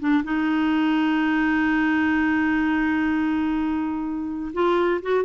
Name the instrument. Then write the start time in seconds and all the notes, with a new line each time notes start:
clarinet
0.00 D4
0.24 D#4
4.54 F4
5.03 F#4